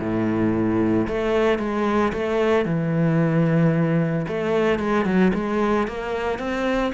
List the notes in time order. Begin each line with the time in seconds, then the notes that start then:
0.00 A2
1.08 A3
1.59 G#3
2.13 A3
2.65 E3
4.28 A3
4.79 G#3
5.05 F#3
5.34 G#3
5.88 A#3
6.39 C4